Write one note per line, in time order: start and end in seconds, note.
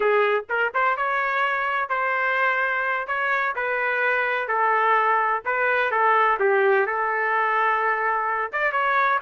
0.00 0.44 G#4
0.49 0.72 A#4
0.74 0.96 C5
0.96 1.89 C#5
1.89 3.07 C5
3.07 3.54 C#5
3.55 4.48 B4
4.48 5.42 A4
5.45 5.91 B4
5.91 6.38 A4
6.39 6.86 G4
6.86 8.51 A4
8.52 8.72 D5
8.72 9.19 C#5